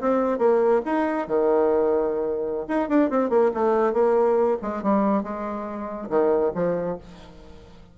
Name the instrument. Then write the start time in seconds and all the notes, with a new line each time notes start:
bassoon
0.00 C4
0.38 A#3
0.85 D#4
1.27 D#3
2.68 D#4
2.88 D4
3.10 C4
3.29 A#3
3.54 A3
3.93 A#3
4.61 G#3
4.82 G3
5.23 G#3
6.09 D#3
6.54 F3